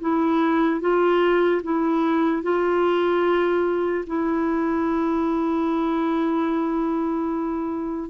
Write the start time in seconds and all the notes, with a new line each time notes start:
0.00 E4
0.81 F4
1.63 E4
2.43 F4
4.07 E4